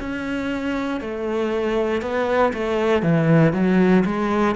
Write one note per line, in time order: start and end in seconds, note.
0.00 1.01 C#4
1.01 2.02 A3
2.02 2.53 B3
2.54 3.03 A3
3.03 3.54 E3
3.54 4.04 F#3
4.06 4.56 G#3